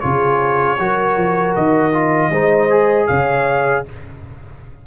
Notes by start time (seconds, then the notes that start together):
0.00 C#3 F4 G#4 C#5
0.79 F#3 F#4 A#4
1.16 F3
1.56 D#3 D#5
1.93 F4
2.31 G#3 D#4 C5
2.70 G#4
3.07 C#3 C#5 F5